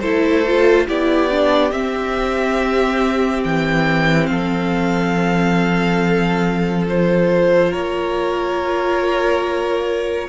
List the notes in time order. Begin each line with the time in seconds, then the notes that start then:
0.00 A3 E4 A4 C5
0.47 F4
0.87 B3 E4 G4 D5
1.30 D4
1.72 C4 E5
3.44 E3 G5
4.27 F3 A4 F5
6.86 F4 C5
7.71 A#3 A#4 C#5